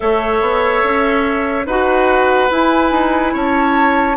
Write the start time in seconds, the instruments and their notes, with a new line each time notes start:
0.00 bassoon A3, clarinet A4, oboe C#5, flute E5
0.41 bassoon B3
0.83 bassoon C#4
1.65 bassoon D#4, clarinet F#4, oboe B4, flute F#5
2.49 clarinet E4, bassoon E4, flute G#5
2.91 bassoon D#4
3.33 bassoon C#4, oboe C#5, flute A5